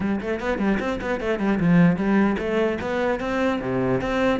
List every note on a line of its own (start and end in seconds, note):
0.00 0.20 G3
0.21 0.39 A3
0.39 0.58 B3
0.58 0.78 G3
0.79 0.99 C4
1.01 1.20 B3
1.20 1.39 A3
1.39 1.59 G3
1.59 1.96 F3
1.96 2.36 G3
2.38 2.78 A3
2.80 3.20 B3
3.20 3.60 C4
3.61 4.01 C3
4.01 4.40 C4